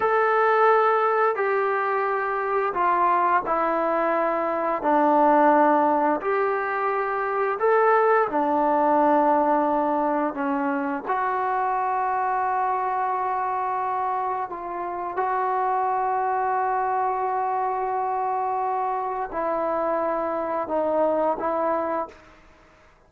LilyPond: \new Staff \with { instrumentName = "trombone" } { \time 4/4 \tempo 4 = 87 a'2 g'2 | f'4 e'2 d'4~ | d'4 g'2 a'4 | d'2. cis'4 |
fis'1~ | fis'4 f'4 fis'2~ | fis'1 | e'2 dis'4 e'4 | }